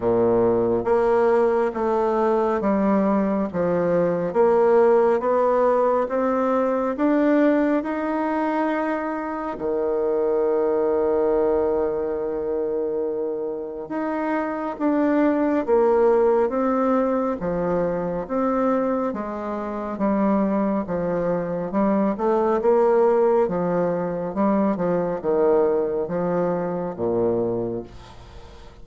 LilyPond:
\new Staff \with { instrumentName = "bassoon" } { \time 4/4 \tempo 4 = 69 ais,4 ais4 a4 g4 | f4 ais4 b4 c'4 | d'4 dis'2 dis4~ | dis1 |
dis'4 d'4 ais4 c'4 | f4 c'4 gis4 g4 | f4 g8 a8 ais4 f4 | g8 f8 dis4 f4 ais,4 | }